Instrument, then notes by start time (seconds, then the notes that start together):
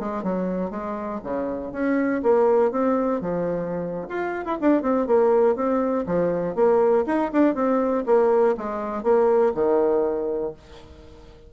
bassoon
0.00 G#3
0.24 F#3
0.71 G#3
1.24 C#3
1.72 C#4
2.23 A#3
2.71 C4
3.21 F3
4.09 F4
4.46 E4
4.61 D4
4.82 C4
5.07 A#3
5.56 C4
6.07 F3
6.56 A#3
7.07 D#4
7.33 D4
7.55 C4
8.06 A#3
8.58 G#3
9.03 A#3
9.55 D#3